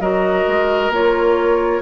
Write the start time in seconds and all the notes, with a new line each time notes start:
0.00 F#3 F#4 A#4 D#5
0.48 G#3
0.89 A#3 F4 C#5